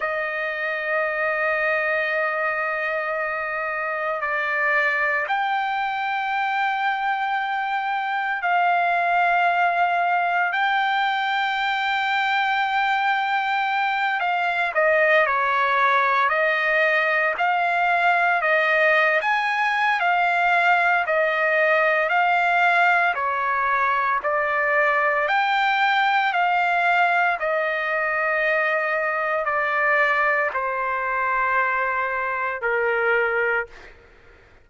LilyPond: \new Staff \with { instrumentName = "trumpet" } { \time 4/4 \tempo 4 = 57 dis''1 | d''4 g''2. | f''2 g''2~ | g''4. f''8 dis''8 cis''4 dis''8~ |
dis''8 f''4 dis''8. gis''8. f''4 | dis''4 f''4 cis''4 d''4 | g''4 f''4 dis''2 | d''4 c''2 ais'4 | }